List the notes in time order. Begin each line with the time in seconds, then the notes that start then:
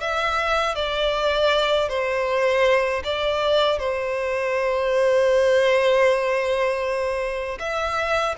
0.00 E5
0.75 D5
1.89 C5
3.04 D5
3.79 C5
7.59 E5